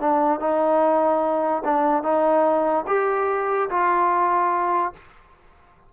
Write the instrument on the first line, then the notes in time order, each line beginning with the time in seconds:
trombone
0.00 D4
0.40 D#4
1.64 D4
2.03 D#4
2.87 G4
3.70 F4